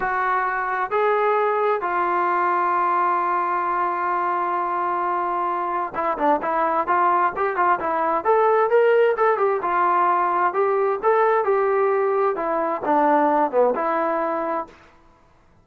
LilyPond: \new Staff \with { instrumentName = "trombone" } { \time 4/4 \tempo 4 = 131 fis'2 gis'2 | f'1~ | f'1~ | f'4 e'8 d'8 e'4 f'4 |
g'8 f'8 e'4 a'4 ais'4 | a'8 g'8 f'2 g'4 | a'4 g'2 e'4 | d'4. b8 e'2 | }